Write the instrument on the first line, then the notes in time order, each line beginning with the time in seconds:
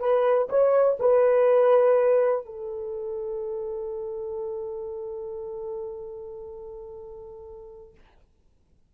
horn
0.00 B4
0.50 C#5
1.00 B4
2.46 A4